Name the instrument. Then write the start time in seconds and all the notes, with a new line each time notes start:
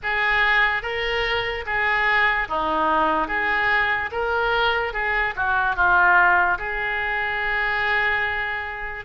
oboe
0.03 G#4
0.82 A#4
1.66 G#4
2.48 D#4
3.27 G#4
4.11 A#4
4.93 G#4
5.35 F#4
5.75 F4
6.58 G#4